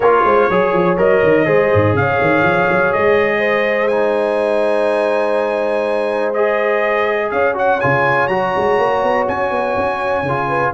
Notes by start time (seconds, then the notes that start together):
0.00 A#3 F4 A#4 C#5
0.24 G#3 C5
0.49 F#3 G#4 C#5
0.73 F3
0.97 F#3 A#4 D#5
1.22 D#3
1.45 G#3 G#4 C5
1.73 G#2
1.93 C#3 C#5 F5
2.20 D#3
2.42 F3
2.69 F#3
2.92 G#3 D#5
3.38 C5
3.87 D#4 G#5
6.33 G#4 D#5
7.30 C#4 C#5 F5
7.54 F#4 F#5
7.80 C#3 F4 G#5
8.27 F#3 F#4 A#5
8.56 G#3
8.78 A#3
9.02 B3
9.28 C#4 G#5
9.50 B3
9.76 C#4
10.22 C#3
10.28 F4
10.47 B4